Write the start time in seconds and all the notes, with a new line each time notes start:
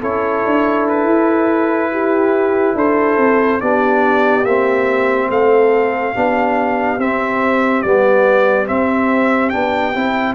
0.00 C#4 E4 A4 C#5
0.45 D4
0.88 B4
1.04 E4
1.92 G4
2.75 D4 A4 C5
3.17 C4
3.60 B3 D4 G4 D5
4.44 A#3 C4 E5
5.29 A3 A4 F5
6.14 B3 D4 G4
6.98 C4 E5
7.82 G3 B3 D5
8.66 C4 E5
9.49 B3 D4 G5
9.94 C4 E4